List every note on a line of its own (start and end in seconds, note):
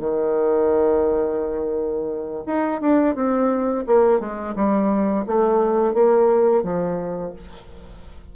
0.00 2.44 D#3
2.47 2.81 D#4
2.81 3.16 D4
3.16 3.85 C4
3.87 4.20 A#3
4.20 4.55 G#3
4.56 5.26 G3
5.27 5.95 A3
5.95 6.63 A#3
6.63 7.33 F3